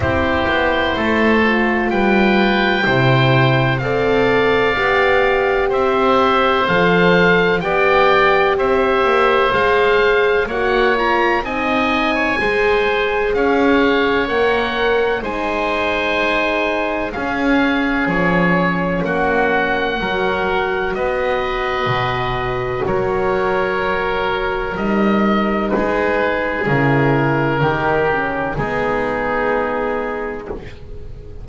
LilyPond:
<<
  \new Staff \with { instrumentName = "oboe" } { \time 4/4 \tempo 4 = 63 c''2 g''2 | f''2 e''4 f''4 | g''4 e''4 f''4 fis''8 ais''8 | gis''2 f''4 fis''4 |
gis''2 f''4 cis''4 | fis''2 dis''2 | cis''2 dis''4 b'4 | ais'2 gis'2 | }
  \new Staff \with { instrumentName = "oboe" } { \time 4/4 g'4 a'4 b'4 c''4 | d''2 c''2 | d''4 c''2 cis''4 | dis''8. cis''16 c''4 cis''2 |
c''2 gis'2 | fis'4 ais'4 b'2 | ais'2. gis'4~ | gis'4 g'4 dis'2 | }
  \new Staff \with { instrumentName = "horn" } { \time 4/4 e'4. f'4. e'4 | a'4 g'2 a'4 | g'2 gis'4 fis'8 f'8 | dis'4 gis'2 ais'4 |
dis'2 cis'2~ | cis'4 fis'2.~ | fis'2 dis'2 | e'4 dis'8 cis'8 b2 | }
  \new Staff \with { instrumentName = "double bass" } { \time 4/4 c'8 b8 a4 g4 c4 | c'4 b4 c'4 f4 | b4 c'8 ais8 gis4 ais4 | c'4 gis4 cis'4 ais4 |
gis2 cis'4 f4 | ais4 fis4 b4 b,4 | fis2 g4 gis4 | cis4 dis4 gis2 | }
>>